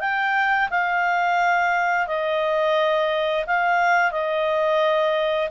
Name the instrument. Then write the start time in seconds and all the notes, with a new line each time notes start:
clarinet
0.00 G5
0.71 F5
2.07 D#5
3.47 F5
4.12 D#5